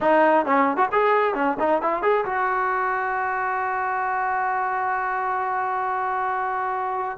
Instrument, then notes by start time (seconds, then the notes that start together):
trombone
0.00 D#4
0.45 C#4
0.77 F#4
0.92 G#4
1.34 C#4
1.59 D#4
1.82 E4
2.02 G#4
2.25 F#4